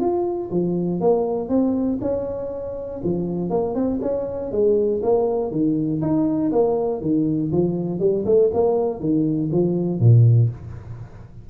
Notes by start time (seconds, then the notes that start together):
0.00 F4
0.50 F3
1.00 A#3
1.49 C4
2.01 C#4
3.03 F3
3.50 A#3
3.75 C4
4.02 C#4
4.52 G#3
5.02 A#3
5.51 D#3
6.01 D#4
6.52 A#3
7.01 D#3
7.52 F3
8.00 G3
8.25 A3
8.53 A#3
9.00 D#3
9.52 F3
10.00 A#2